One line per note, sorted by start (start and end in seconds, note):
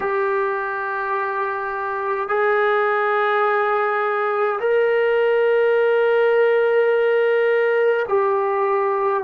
0.00 2.28 G4
2.28 4.58 G#4
4.59 8.06 A#4
8.08 9.23 G4